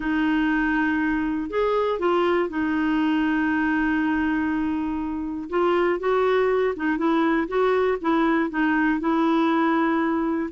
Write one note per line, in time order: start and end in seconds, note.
0.00 1.50 D#4
1.50 1.99 G#4
1.99 2.49 F4
2.49 5.49 D#4
5.49 5.99 F4
5.99 6.74 F#4
6.76 6.97 D#4
6.97 7.47 E4
7.47 7.97 F#4
8.01 8.50 E4
8.50 9.00 D#4
9.00 10.50 E4